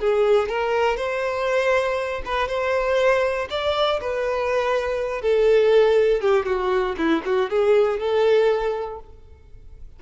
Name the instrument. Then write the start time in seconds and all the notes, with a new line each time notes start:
violin
0.00 G#4
0.49 A#4
0.97 C5
2.25 B4
2.48 C5
3.50 D5
4.01 B4
5.22 A4
6.21 G4
6.46 F#4
6.98 E4
7.25 F#4
7.50 G#4
8.00 A4